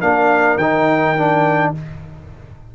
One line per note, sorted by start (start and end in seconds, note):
0.00 0.57 A#3
0.00 0.59 D4
0.00 1.73 A#4
0.00 0.58 F5
0.57 1.72 D#3
0.57 1.17 D#4
0.57 1.73 G5
1.17 1.75 D4